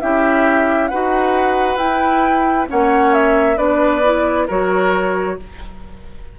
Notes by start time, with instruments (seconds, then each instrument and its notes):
0.00 bassoon C#4, clarinet E4, oboe G4, flute E5
0.87 bassoon D#4, clarinet F#4, oboe B4, flute F#5
1.76 bassoon E4, clarinet E4, flute G5
2.66 bassoon A#3, clarinet C#4, oboe C#5, flute F#5
3.13 flute E5
3.56 bassoon B3, clarinet D4, oboe B4, flute D5
4.03 clarinet E4
4.47 bassoon F#3, clarinet F#4, oboe A#4, flute C#5